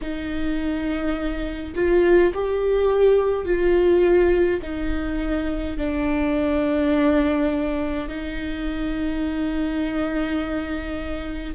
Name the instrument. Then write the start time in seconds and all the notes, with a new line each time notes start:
viola
0.01 D#4
1.75 F4
2.33 G4
3.45 F4
4.62 D#4
5.77 D4
8.08 D#4